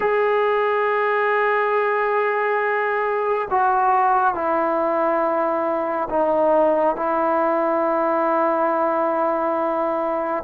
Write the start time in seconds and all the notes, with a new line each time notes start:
0.00 G#4
3.50 F#4
4.34 E4
6.09 D#4
6.96 E4